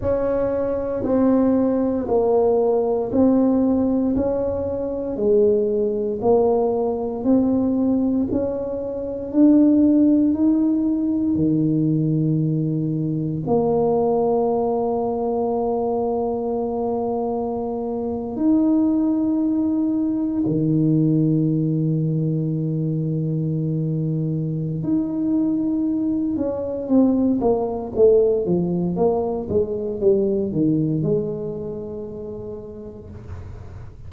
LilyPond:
\new Staff \with { instrumentName = "tuba" } { \time 4/4 \tempo 4 = 58 cis'4 c'4 ais4 c'4 | cis'4 gis4 ais4 c'4 | cis'4 d'4 dis'4 dis4~ | dis4 ais2.~ |
ais4.~ ais16 dis'2 dis16~ | dis1 | dis'4. cis'8 c'8 ais8 a8 f8 | ais8 gis8 g8 dis8 gis2 | }